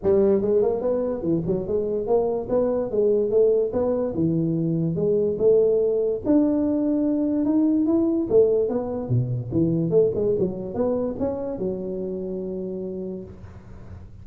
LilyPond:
\new Staff \with { instrumentName = "tuba" } { \time 4/4 \tempo 4 = 145 g4 gis8 ais8 b4 e8 fis8 | gis4 ais4 b4 gis4 | a4 b4 e2 | gis4 a2 d'4~ |
d'2 dis'4 e'4 | a4 b4 b,4 e4 | a8 gis8 fis4 b4 cis'4 | fis1 | }